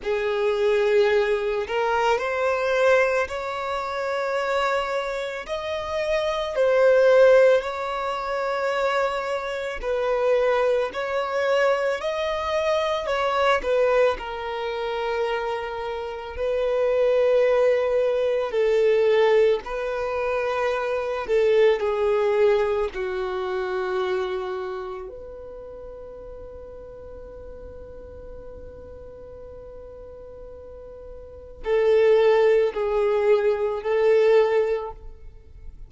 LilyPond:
\new Staff \with { instrumentName = "violin" } { \time 4/4 \tempo 4 = 55 gis'4. ais'8 c''4 cis''4~ | cis''4 dis''4 c''4 cis''4~ | cis''4 b'4 cis''4 dis''4 | cis''8 b'8 ais'2 b'4~ |
b'4 a'4 b'4. a'8 | gis'4 fis'2 b'4~ | b'1~ | b'4 a'4 gis'4 a'4 | }